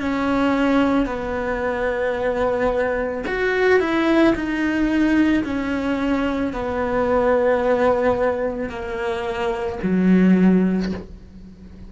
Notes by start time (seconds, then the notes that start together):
0.00 C#4
1.06 B3
3.26 F#4
3.79 E4
4.34 D#4
5.44 C#4
6.53 B3
8.69 A#3
9.82 F#3